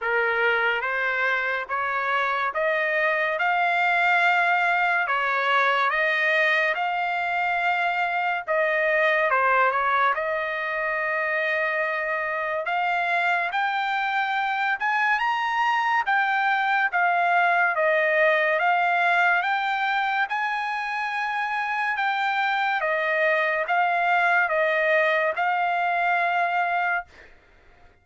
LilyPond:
\new Staff \with { instrumentName = "trumpet" } { \time 4/4 \tempo 4 = 71 ais'4 c''4 cis''4 dis''4 | f''2 cis''4 dis''4 | f''2 dis''4 c''8 cis''8 | dis''2. f''4 |
g''4. gis''8 ais''4 g''4 | f''4 dis''4 f''4 g''4 | gis''2 g''4 dis''4 | f''4 dis''4 f''2 | }